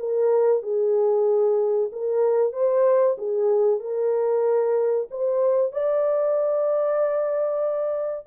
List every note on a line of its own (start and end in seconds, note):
0.00 0.63 A#4
0.63 1.91 G#4
1.92 2.53 A#4
2.53 3.17 C5
3.18 3.80 G#4
3.80 5.08 A#4
5.11 5.73 C5
5.73 8.27 D5